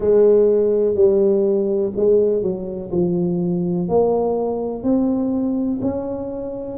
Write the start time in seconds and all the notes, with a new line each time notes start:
0.00 G#3
0.95 G3
1.96 G#3
2.42 F#3
2.91 F3
3.88 A#3
4.83 C4
5.81 C#4